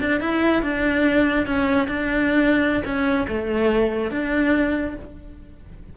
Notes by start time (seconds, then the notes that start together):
0.00 D4
0.20 E4
0.62 D4
1.46 C#4
1.88 D4
2.85 C#4
3.28 A3
4.11 D4